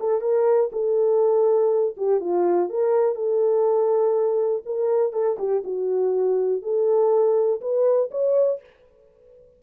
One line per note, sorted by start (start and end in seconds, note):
0.00 0.21 A4
0.21 0.70 A#4
0.73 1.96 A4
1.97 2.21 G4
2.21 2.70 F4
2.70 3.16 A#4
3.16 4.63 A4
4.66 5.13 A#4
5.13 5.37 A4
5.39 5.63 G4
5.64 6.63 F#4
6.63 7.61 A4
7.61 8.10 B4
8.11 8.61 C#5